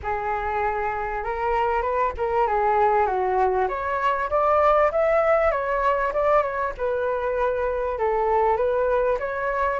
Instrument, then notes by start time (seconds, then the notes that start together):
flute
0.03 G#4
1.24 A#4
1.81 B4
2.17 A#4
2.47 G#4
3.06 F#4
3.68 C#5
4.30 D5
4.91 E5
5.51 C#5
6.13 D5
6.42 C#5
6.77 B4
7.98 A4
8.57 B4
9.19 C#5